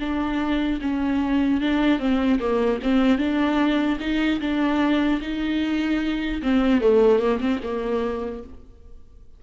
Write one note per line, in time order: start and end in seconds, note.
0.00 0.80 D4
0.82 1.61 C#4
1.61 2.00 D4
2.00 2.40 C4
2.40 2.80 A#3
2.83 3.18 C4
3.18 3.98 D4
4.00 4.40 D#4
4.41 5.21 D4
5.22 6.42 D#4
6.43 6.82 C4
6.82 7.19 A3
7.19 7.39 A#3
7.41 7.61 C4
7.64 8.44 A#3